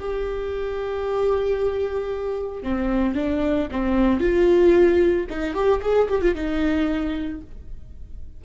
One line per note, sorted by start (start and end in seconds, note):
0.00 2.63 G4
2.63 3.15 C4
3.15 3.69 D4
3.72 4.21 C4
4.21 5.27 F4
5.30 5.55 D#4
5.55 5.81 G4
5.82 6.09 G#4
6.09 6.22 G4
6.22 6.35 F4
6.35 7.41 D#4